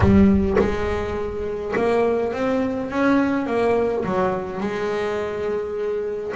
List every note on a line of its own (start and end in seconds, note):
0.00 0.56 G3
0.58 1.74 G#3
1.75 2.33 A#3
2.33 2.90 C4
2.90 3.46 C#4
3.46 4.04 A#3
4.04 4.60 F#3
4.60 6.33 G#3